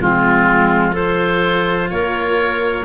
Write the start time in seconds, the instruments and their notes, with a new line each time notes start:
0.00 tuba F3, cello G#3, clarinet C4, oboe F4
0.92 cello F4, clarinet A4, oboe C5
1.90 tuba A#3, clarinet A#4, oboe C#5